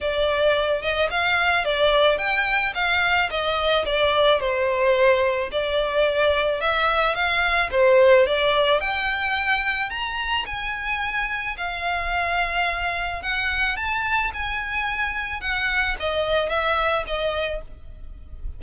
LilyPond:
\new Staff \with { instrumentName = "violin" } { \time 4/4 \tempo 4 = 109 d''4. dis''8 f''4 d''4 | g''4 f''4 dis''4 d''4 | c''2 d''2 | e''4 f''4 c''4 d''4 |
g''2 ais''4 gis''4~ | gis''4 f''2. | fis''4 a''4 gis''2 | fis''4 dis''4 e''4 dis''4 | }